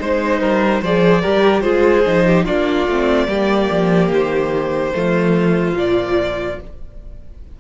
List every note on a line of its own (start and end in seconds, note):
0.00 0.41 G#3
0.00 0.82 D#4
0.00 0.41 C5
0.00 0.83 C5
0.41 0.82 G3
0.41 0.82 A#4
0.82 1.23 F3
0.82 1.22 G#4
0.82 1.22 C5
0.82 1.61 D5
1.22 1.65 G3
1.22 1.62 G4
1.22 1.63 A#4
1.61 2.06 G#3
1.61 2.03 F4
1.61 2.25 G#4
1.61 2.43 C5
2.06 2.47 F3
2.06 2.47 D#4
2.26 2.45 G4
2.45 2.87 A#3
2.45 2.88 D4
2.45 3.27 F4
2.45 4.10 D5
2.87 3.28 A3
2.87 3.28 C4
3.28 3.69 G3
3.28 4.93 A#3
3.28 4.93 G4
3.71 4.11 F3
4.11 4.93 D#3
4.11 5.78 C5
4.95 5.73 F3
4.95 5.75 A3
4.95 6.60 F4
5.73 6.55 A#2
5.73 6.57 F3
5.73 6.60 D5